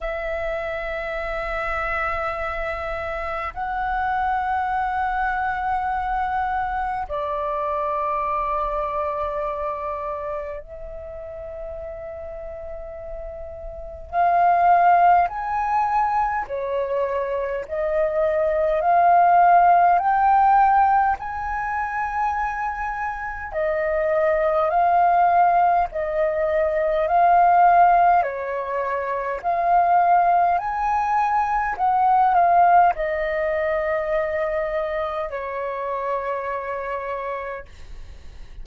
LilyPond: \new Staff \with { instrumentName = "flute" } { \time 4/4 \tempo 4 = 51 e''2. fis''4~ | fis''2 d''2~ | d''4 e''2. | f''4 gis''4 cis''4 dis''4 |
f''4 g''4 gis''2 | dis''4 f''4 dis''4 f''4 | cis''4 f''4 gis''4 fis''8 f''8 | dis''2 cis''2 | }